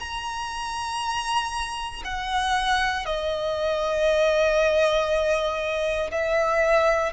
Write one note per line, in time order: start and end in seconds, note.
0.00 2.03 A#5
2.04 3.06 F#5
3.06 6.11 D#5
6.12 7.13 E5